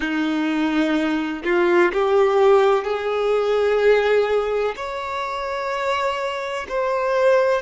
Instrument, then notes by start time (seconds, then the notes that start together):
violin
0.00 D#4
1.43 F4
1.92 G4
2.84 G#4
4.76 C#5
6.68 C5